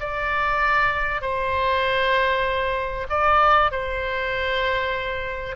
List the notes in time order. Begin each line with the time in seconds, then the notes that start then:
0.00 D5
1.22 C5
3.10 D5
3.71 C5